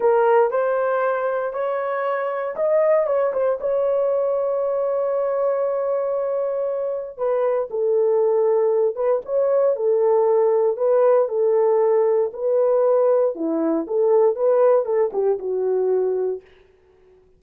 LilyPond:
\new Staff \with { instrumentName = "horn" } { \time 4/4 \tempo 4 = 117 ais'4 c''2 cis''4~ | cis''4 dis''4 cis''8 c''8 cis''4~ | cis''1~ | cis''2 b'4 a'4~ |
a'4. b'8 cis''4 a'4~ | a'4 b'4 a'2 | b'2 e'4 a'4 | b'4 a'8 g'8 fis'2 | }